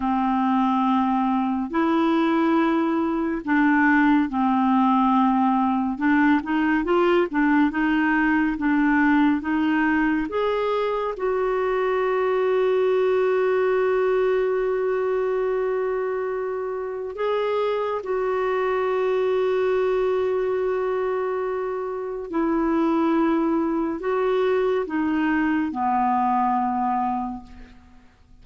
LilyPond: \new Staff \with { instrumentName = "clarinet" } { \time 4/4 \tempo 4 = 70 c'2 e'2 | d'4 c'2 d'8 dis'8 | f'8 d'8 dis'4 d'4 dis'4 | gis'4 fis'2.~ |
fis'1 | gis'4 fis'2.~ | fis'2 e'2 | fis'4 dis'4 b2 | }